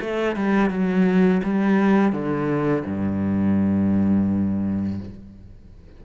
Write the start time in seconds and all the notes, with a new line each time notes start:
0.00 A3
0.36 G3
0.70 F#3
1.44 G3
2.12 D3
2.85 G2